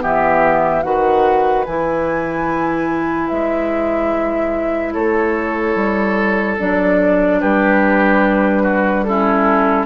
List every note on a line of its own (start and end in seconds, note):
0.00 0.84 E3
0.00 0.82 B3
0.00 0.85 G4
0.00 0.83 E5
0.83 1.66 D#3
0.83 1.65 F#4
0.83 4.93 B4
0.83 1.65 F#5
1.66 3.31 E3
1.66 6.60 E4
1.66 3.28 G#5
3.28 4.95 G#3
3.28 4.93 E5
4.93 5.75 A3
4.93 7.40 A4
4.93 6.57 C#5
5.75 6.57 G3
6.60 7.42 F#3
6.60 9.06 D4
6.60 7.41 D5
7.41 9.86 G3
7.41 8.63 G4
7.41 9.04 B4
8.63 9.04 F#4
9.04 9.86 C#4
9.04 9.86 E4
9.04 9.86 A4